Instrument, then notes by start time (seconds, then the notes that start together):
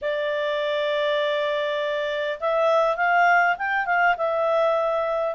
clarinet
0.01 D5
2.40 E5
2.96 F5
3.58 G5
3.85 F5
4.17 E5